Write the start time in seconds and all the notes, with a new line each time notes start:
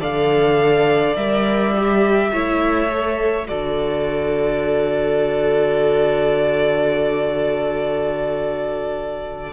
0.00 D3 A4 D5 F5
1.16 G3 A#4 E5
1.77 G4
2.33 A3 E4 C#5
2.89 A4
3.46 D3 F#4 A4 D5